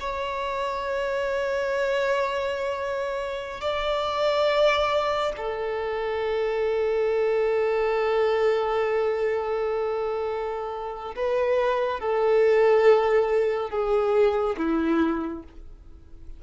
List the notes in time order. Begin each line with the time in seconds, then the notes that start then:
0.00 C#5
3.60 D5
5.36 A4
11.15 B4
12.00 A4
13.69 G#4
14.57 E4